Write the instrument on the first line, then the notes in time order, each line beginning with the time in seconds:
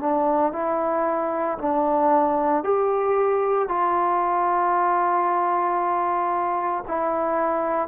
trombone
0.00 D4
0.53 E4
1.58 D4
2.64 G4
3.68 F4
6.87 E4